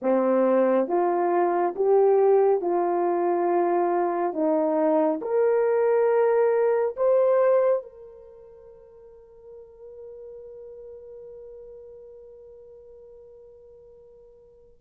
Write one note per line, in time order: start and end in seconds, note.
0.02 0.87 C4
0.87 1.74 F4
1.75 2.61 G4
2.61 4.33 F4
4.33 5.20 D#4
5.21 6.95 A#4
6.96 7.82 C5
7.82 14.77 A#4